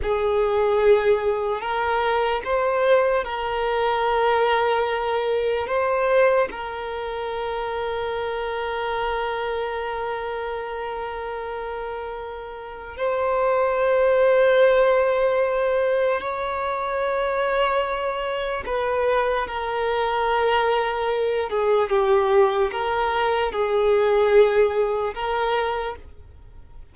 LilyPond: \new Staff \with { instrumentName = "violin" } { \time 4/4 \tempo 4 = 74 gis'2 ais'4 c''4 | ais'2. c''4 | ais'1~ | ais'1 |
c''1 | cis''2. b'4 | ais'2~ ais'8 gis'8 g'4 | ais'4 gis'2 ais'4 | }